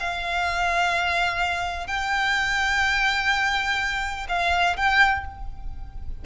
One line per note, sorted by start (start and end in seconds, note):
0.00 1.87 F5
1.87 4.27 G5
4.29 4.76 F5
4.76 5.24 G5